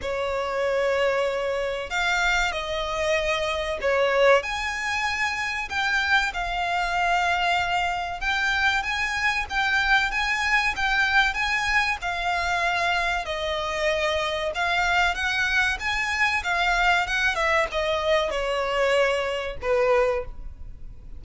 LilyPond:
\new Staff \with { instrumentName = "violin" } { \time 4/4 \tempo 4 = 95 cis''2. f''4 | dis''2 cis''4 gis''4~ | gis''4 g''4 f''2~ | f''4 g''4 gis''4 g''4 |
gis''4 g''4 gis''4 f''4~ | f''4 dis''2 f''4 | fis''4 gis''4 f''4 fis''8 e''8 | dis''4 cis''2 b'4 | }